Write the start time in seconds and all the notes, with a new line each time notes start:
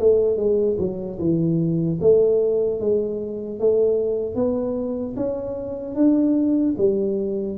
0.00 A3
0.37 G#3
0.79 F#3
1.19 E3
2.01 A3
2.80 G#3
3.60 A3
4.35 B3
5.17 C#4
5.95 D4
6.78 G3